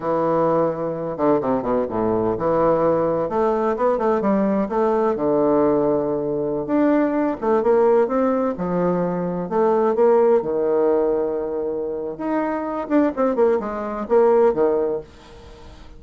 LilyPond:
\new Staff \with { instrumentName = "bassoon" } { \time 4/4 \tempo 4 = 128 e2~ e8 d8 c8 b,8 | a,4 e2 a4 | b8 a8 g4 a4 d4~ | d2~ d16 d'4. a16~ |
a16 ais4 c'4 f4.~ f16~ | f16 a4 ais4 dis4.~ dis16~ | dis2 dis'4. d'8 | c'8 ais8 gis4 ais4 dis4 | }